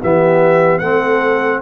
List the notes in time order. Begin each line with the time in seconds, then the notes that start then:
0.00 E3 B3 G4 E5
0.78 A3 C4 A4 F#5